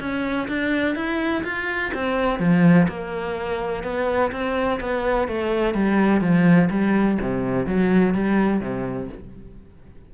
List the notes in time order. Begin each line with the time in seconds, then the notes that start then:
0.00 C#4
0.48 D4
0.96 E4
1.44 F4
1.94 C4
2.40 F3
2.89 A#3
3.84 B3
4.32 C4
4.80 B3
5.28 A3
5.75 G3
6.21 F3
6.71 G3
7.22 C3
7.66 F#3
8.14 G3
8.61 C3